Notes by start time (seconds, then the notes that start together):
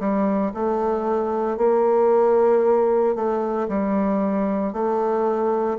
0.00 G3
0.55 A3
1.58 A#3
3.16 A3
3.69 G3
4.74 A3